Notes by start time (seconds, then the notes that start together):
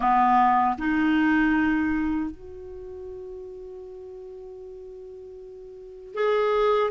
0.00 B3
0.77 D#4
2.30 F#4
6.14 G#4